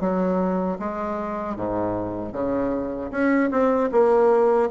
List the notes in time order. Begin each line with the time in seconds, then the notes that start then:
0.00 F#3
0.78 G#3
1.56 G#2
2.32 C#3
3.11 C#4
3.51 C4
3.91 A#3